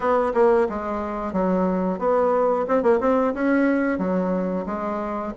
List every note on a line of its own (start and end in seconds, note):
0.00 0.32 B3
0.34 0.67 A#3
0.69 1.32 G#3
1.32 1.98 F#3
1.98 2.65 B3
2.68 2.82 C4
2.82 2.99 A#3
3.00 3.33 C4
3.33 3.98 C#4
3.98 4.65 F#3
4.66 5.32 G#3